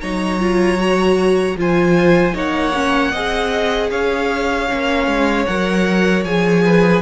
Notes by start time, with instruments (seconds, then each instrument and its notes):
0.00 cello F#3, viola D#4, violin C#5 A#5
0.40 viola F4
0.78 viola F#4
1.55 cello F3, viola F4, violin C5 G#5
2.33 cello A#3, viola D#4, violin C#5 F#5
2.74 viola C#4
3.11 cello C4, viola G#4, violin D#5
3.90 cello C#4, violin C#5 F5
4.68 cello A#3, viola C#4
5.06 cello G#3
5.46 cello F#3, viola A#4, violin F#5
6.24 cello F3, viola G#4, violin G#5
6.65 violin B4